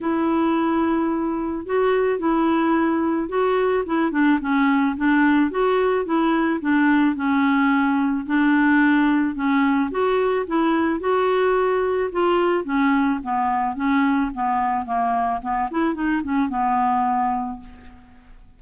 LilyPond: \new Staff \with { instrumentName = "clarinet" } { \time 4/4 \tempo 4 = 109 e'2. fis'4 | e'2 fis'4 e'8 d'8 | cis'4 d'4 fis'4 e'4 | d'4 cis'2 d'4~ |
d'4 cis'4 fis'4 e'4 | fis'2 f'4 cis'4 | b4 cis'4 b4 ais4 | b8 e'8 dis'8 cis'8 b2 | }